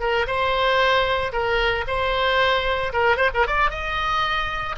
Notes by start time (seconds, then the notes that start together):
0.00 A#4
0.27 C5
1.32 A#4
1.87 C5
2.93 A#4
3.17 C5
3.34 A#4
3.47 D5
3.71 D#5